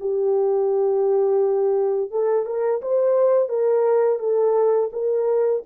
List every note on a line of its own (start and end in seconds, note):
0.00 2.10 G4
2.10 2.45 A4
2.45 2.81 A#4
2.81 3.49 C5
3.49 4.19 A#4
4.19 4.90 A4
4.92 5.63 A#4